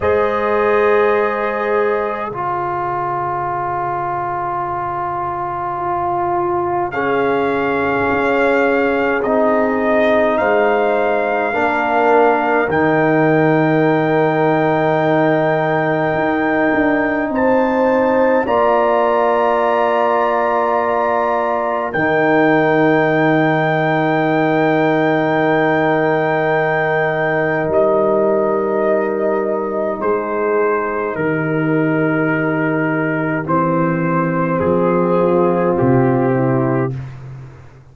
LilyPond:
<<
  \new Staff \with { instrumentName = "trumpet" } { \time 4/4 \tempo 4 = 52 dis''2 cis''2~ | cis''2 f''2 | dis''4 f''2 g''4~ | g''2. a''4 |
ais''2. g''4~ | g''1 | dis''2 c''4 ais'4~ | ais'4 c''4 gis'4 g'4 | }
  \new Staff \with { instrumentName = "horn" } { \time 4/4 c''2 gis'2~ | gis'4 f'4 gis'2~ | gis'4 c''4 ais'2~ | ais'2. c''4 |
d''2. ais'4~ | ais'1~ | ais'2 gis'4 g'4~ | g'2~ g'8 f'4 e'8 | }
  \new Staff \with { instrumentName = "trombone" } { \time 4/4 gis'2 f'2~ | f'2 cis'2 | dis'2 d'4 dis'4~ | dis'1 |
f'2. dis'4~ | dis'1~ | dis'1~ | dis'4 c'2. | }
  \new Staff \with { instrumentName = "tuba" } { \time 4/4 gis2 cis2~ | cis2. cis'4 | c'4 gis4 ais4 dis4~ | dis2 dis'8 d'8 c'4 |
ais2. dis4~ | dis1 | g2 gis4 dis4~ | dis4 e4 f4 c4 | }
>>